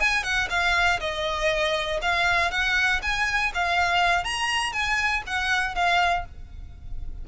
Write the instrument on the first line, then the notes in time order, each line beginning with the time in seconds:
violin
0.00 G#5
0.23 F#5
0.50 F5
1.00 D#5
2.02 F5
2.51 F#5
3.02 G#5
3.54 F5
4.24 A#5
4.73 G#5
5.27 F#5
5.75 F5